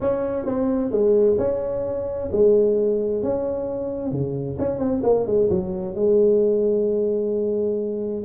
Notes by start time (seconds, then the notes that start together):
0.00 C#4
0.45 C4
0.91 G#3
1.38 C#4
2.32 G#3
3.22 C#4
4.11 C#3
4.58 C#4
4.79 C4
5.03 A#3
5.26 G#3
5.50 F#3
5.95 G#3